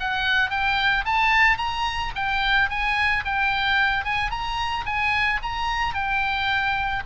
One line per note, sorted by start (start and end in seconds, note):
0.00 0.50 F#5
0.50 1.05 G5
1.05 1.57 A5
1.57 2.12 A#5
2.15 2.69 G5
2.69 3.24 G#5
3.25 4.04 G5
4.04 4.30 G#5
4.30 4.85 A#5
4.86 5.40 G#5
5.43 5.94 A#5
5.94 7.03 G5